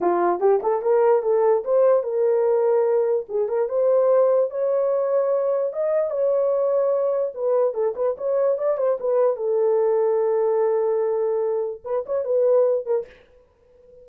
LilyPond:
\new Staff \with { instrumentName = "horn" } { \time 4/4 \tempo 4 = 147 f'4 g'8 a'8 ais'4 a'4 | c''4 ais'2. | gis'8 ais'8 c''2 cis''4~ | cis''2 dis''4 cis''4~ |
cis''2 b'4 a'8 b'8 | cis''4 d''8 c''8 b'4 a'4~ | a'1~ | a'4 b'8 cis''8 b'4. ais'8 | }